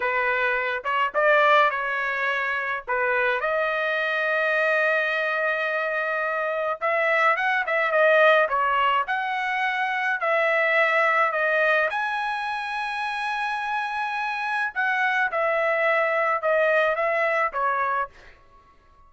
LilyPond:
\new Staff \with { instrumentName = "trumpet" } { \time 4/4 \tempo 4 = 106 b'4. cis''8 d''4 cis''4~ | cis''4 b'4 dis''2~ | dis''1 | e''4 fis''8 e''8 dis''4 cis''4 |
fis''2 e''2 | dis''4 gis''2.~ | gis''2 fis''4 e''4~ | e''4 dis''4 e''4 cis''4 | }